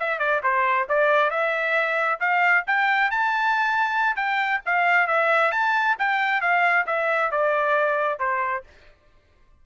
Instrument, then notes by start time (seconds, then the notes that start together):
trumpet
0.00 E5
0.19 D5
0.44 C5
0.89 D5
1.31 E5
2.21 F5
2.67 G5
3.11 A5
4.16 G5
4.66 F5
5.07 E5
5.52 A5
5.99 G5
6.41 F5
6.87 E5
7.32 D5
8.19 C5